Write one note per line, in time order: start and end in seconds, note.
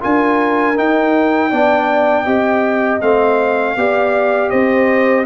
0.00 0.78 D4
0.00 0.75 F4
0.00 1.50 A#4
0.00 0.78 G#5
0.75 1.50 D#4
0.75 1.52 D#4
0.75 3.01 G5
1.50 2.26 B3
1.50 2.26 D4
1.50 2.24 D5
2.24 3.01 C4
2.24 3.01 G4
2.24 3.74 D#5
3.01 3.76 A3
3.01 3.77 C4
3.01 4.50 F5
3.76 4.51 B3
3.76 5.25 G4
3.76 4.51 D5
4.50 5.25 C4
4.50 5.25 C5
4.50 5.25 D#5